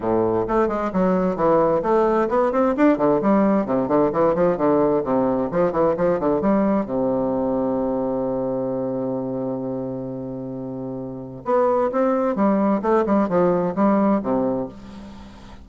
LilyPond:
\new Staff \with { instrumentName = "bassoon" } { \time 4/4 \tempo 4 = 131 a,4 a8 gis8 fis4 e4 | a4 b8 c'8 d'8 d8 g4 | c8 d8 e8 f8 d4 c4 | f8 e8 f8 d8 g4 c4~ |
c1~ | c1~ | c4 b4 c'4 g4 | a8 g8 f4 g4 c4 | }